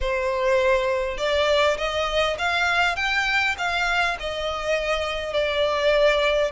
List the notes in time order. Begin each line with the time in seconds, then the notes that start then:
0.01 C5
1.17 D5
1.77 D#5
2.38 F5
2.96 G5
3.58 F5
4.19 D#5
5.33 D5